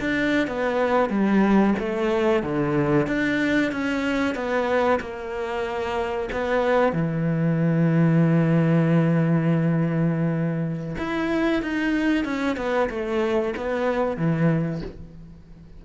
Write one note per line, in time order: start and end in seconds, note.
0.00 0.47 D4
0.47 1.10 B3
1.10 1.74 G3
1.79 2.43 A3
2.43 3.07 D3
3.07 3.72 D4
3.72 4.35 C#4
4.35 4.99 B3
5.00 6.29 A#3
6.32 6.93 B3
6.93 10.96 E3
10.98 11.62 E4
11.62 12.25 D#4
12.25 12.57 C#4
12.57 12.89 B3
12.90 13.54 A3
13.57 14.17 B3
14.17 14.82 E3